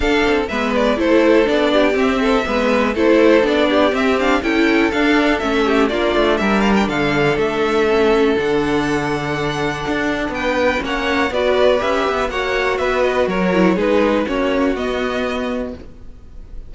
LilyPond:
<<
  \new Staff \with { instrumentName = "violin" } { \time 4/4 \tempo 4 = 122 f''4 e''8 d''8 c''4 d''4 | e''2 c''4 d''4 | e''8 f''8 g''4 f''4 e''4 | d''4 e''8 f''16 g''16 f''4 e''4~ |
e''4 fis''2.~ | fis''4 g''4 fis''4 d''4 | e''4 fis''4 e''8 dis''8 cis''4 | b'4 cis''4 dis''2 | }
  \new Staff \with { instrumentName = "violin" } { \time 4/4 a'4 b'4 a'4. g'8~ | g'8 a'8 b'4 a'4. g'8~ | g'4 a'2~ a'8 g'8 | f'4 ais'4 a'2~ |
a'1~ | a'4 b'4 cis''4 b'4~ | b'4 cis''4 b'4 ais'4 | gis'4 fis'2. | }
  \new Staff \with { instrumentName = "viola" } { \time 4/4 d'4 b4 e'4 d'4 | c'4 b4 e'4 d'4 | c'8 d'8 e'4 d'4 cis'4 | d'1 |
cis'4 d'2.~ | d'2 cis'4 fis'4 | g'4 fis'2~ fis'8 e'8 | dis'4 cis'4 b2 | }
  \new Staff \with { instrumentName = "cello" } { \time 4/4 d'8 c'8 gis4 a4 b4 | c'4 gis4 a4 b4 | c'4 cis'4 d'4 a4 | ais8 a8 g4 d4 a4~ |
a4 d2. | d'4 b4 ais4 b4 | cis'8 b8 ais4 b4 fis4 | gis4 ais4 b2 | }
>>